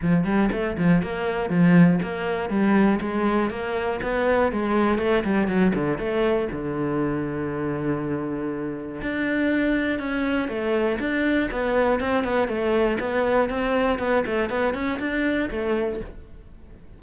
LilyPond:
\new Staff \with { instrumentName = "cello" } { \time 4/4 \tempo 4 = 120 f8 g8 a8 f8 ais4 f4 | ais4 g4 gis4 ais4 | b4 gis4 a8 g8 fis8 d8 | a4 d2.~ |
d2 d'2 | cis'4 a4 d'4 b4 | c'8 b8 a4 b4 c'4 | b8 a8 b8 cis'8 d'4 a4 | }